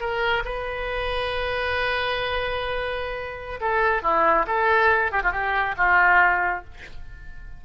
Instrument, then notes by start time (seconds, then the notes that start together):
oboe
0.00 A#4
0.45 B4
3.61 A4
4.03 E4
4.47 A4
5.12 G4
5.23 F4
5.32 G4
5.77 F4